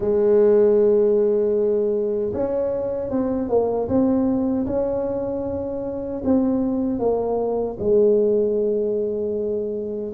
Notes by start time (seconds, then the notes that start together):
0.00 G#3
2.33 C#4
3.10 C4
3.49 A#3
3.88 C4
4.66 C#4
6.24 C4
6.99 A#3
7.79 G#3